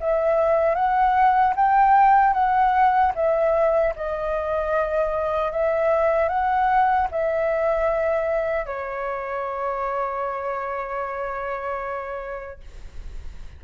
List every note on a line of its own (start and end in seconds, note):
0.00 0.75 E5
0.75 1.54 F#5
1.56 2.33 G5
2.33 3.12 F#5
3.15 3.94 E5
3.96 5.52 D#5
5.52 6.29 E5
6.29 7.08 F#5
7.11 8.66 E5
8.66 12.60 C#5